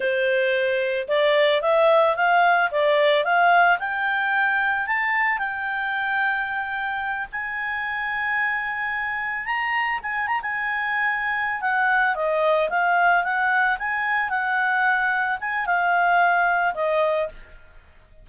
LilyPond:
\new Staff \with { instrumentName = "clarinet" } { \time 4/4 \tempo 4 = 111 c''2 d''4 e''4 | f''4 d''4 f''4 g''4~ | g''4 a''4 g''2~ | g''4. gis''2~ gis''8~ |
gis''4. ais''4 gis''8 ais''16 gis''8.~ | gis''4. fis''4 dis''4 f''8~ | f''8 fis''4 gis''4 fis''4.~ | fis''8 gis''8 f''2 dis''4 | }